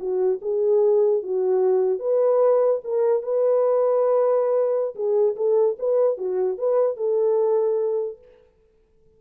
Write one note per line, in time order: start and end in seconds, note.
0.00 0.41 F#4
0.42 1.23 G#4
1.23 2.00 F#4
2.00 2.81 B4
2.84 3.23 A#4
3.23 4.95 B4
4.96 5.36 G#4
5.36 5.77 A4
5.79 6.18 B4
6.18 6.58 F#4
6.58 6.97 B4
6.97 8.19 A4